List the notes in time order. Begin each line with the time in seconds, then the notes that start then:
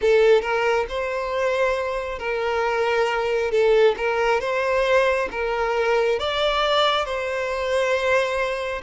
0.01 A4
0.41 A#4
0.88 C5
2.19 A#4
3.51 A4
3.97 A#4
4.40 C5
5.31 A#4
6.19 D5
7.05 C5